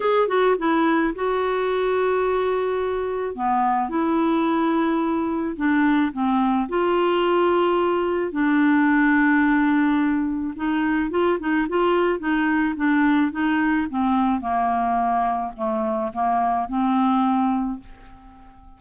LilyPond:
\new Staff \with { instrumentName = "clarinet" } { \time 4/4 \tempo 4 = 108 gis'8 fis'8 e'4 fis'2~ | fis'2 b4 e'4~ | e'2 d'4 c'4 | f'2. d'4~ |
d'2. dis'4 | f'8 dis'8 f'4 dis'4 d'4 | dis'4 c'4 ais2 | a4 ais4 c'2 | }